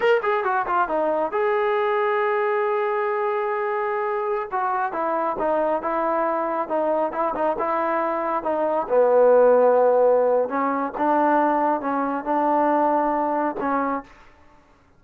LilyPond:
\new Staff \with { instrumentName = "trombone" } { \time 4/4 \tempo 4 = 137 ais'8 gis'8 fis'8 f'8 dis'4 gis'4~ | gis'1~ | gis'2~ gis'16 fis'4 e'8.~ | e'16 dis'4 e'2 dis'8.~ |
dis'16 e'8 dis'8 e'2 dis'8.~ | dis'16 b2.~ b8. | cis'4 d'2 cis'4 | d'2. cis'4 | }